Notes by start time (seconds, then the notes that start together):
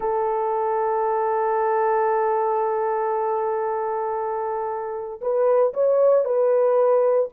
0.00 A4
5.21 B4
5.73 C#5
6.24 B4